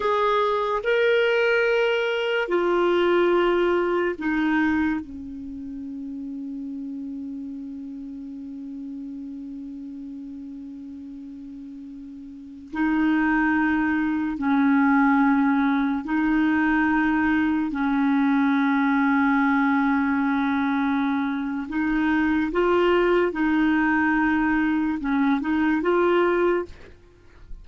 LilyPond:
\new Staff \with { instrumentName = "clarinet" } { \time 4/4 \tempo 4 = 72 gis'4 ais'2 f'4~ | f'4 dis'4 cis'2~ | cis'1~ | cis'2.~ cis'16 dis'8.~ |
dis'4~ dis'16 cis'2 dis'8.~ | dis'4~ dis'16 cis'2~ cis'8.~ | cis'2 dis'4 f'4 | dis'2 cis'8 dis'8 f'4 | }